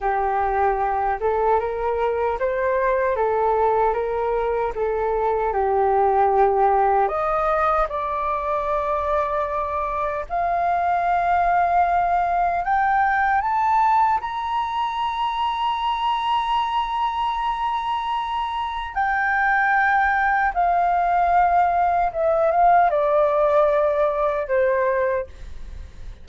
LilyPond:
\new Staff \with { instrumentName = "flute" } { \time 4/4 \tempo 4 = 76 g'4. a'8 ais'4 c''4 | a'4 ais'4 a'4 g'4~ | g'4 dis''4 d''2~ | d''4 f''2. |
g''4 a''4 ais''2~ | ais''1 | g''2 f''2 | e''8 f''8 d''2 c''4 | }